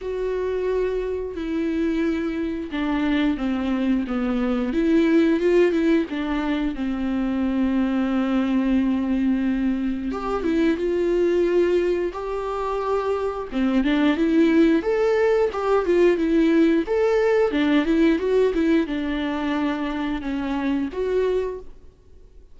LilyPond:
\new Staff \with { instrumentName = "viola" } { \time 4/4 \tempo 4 = 89 fis'2 e'2 | d'4 c'4 b4 e'4 | f'8 e'8 d'4 c'2~ | c'2. g'8 e'8 |
f'2 g'2 | c'8 d'8 e'4 a'4 g'8 f'8 | e'4 a'4 d'8 e'8 fis'8 e'8 | d'2 cis'4 fis'4 | }